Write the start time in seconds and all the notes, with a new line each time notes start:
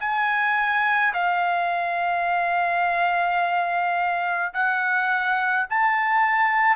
0.00 G#5
1.14 F5
4.53 F#5
5.69 A5